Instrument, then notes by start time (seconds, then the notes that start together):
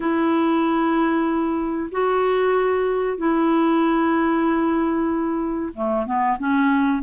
clarinet
0.00 E4
1.91 F#4
3.17 E4
5.74 A3
6.06 B3
6.38 C#4